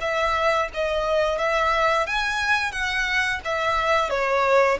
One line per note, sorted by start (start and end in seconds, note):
0.00 0.68 E5
0.73 1.38 D#5
1.38 2.06 E5
2.06 2.71 G#5
2.71 3.40 F#5
3.44 4.09 E5
4.09 4.78 C#5